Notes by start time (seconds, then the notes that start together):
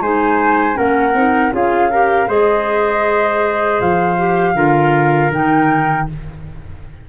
0.00 G#3 D#4 C5 G#5
0.74 A#3 C#4 A#4 F#5
1.14 C4 D#4
1.52 C#4 F4 G#4 F5
1.91 G4 A#4
2.27 G#3 G#4 C5 D#5
3.80 F3 F5
4.17 G4
4.54 D3 F4 A#4
5.31 D#3 D#4 G5